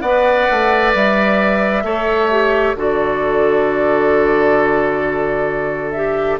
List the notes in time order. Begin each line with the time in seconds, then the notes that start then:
0.00 B3 B4 D5 F#5
0.50 A3
0.94 G3 E5
1.83 A3 A4 C#5
2.30 G4
2.75 D3 F#4 A4 D5
5.91 G4 E5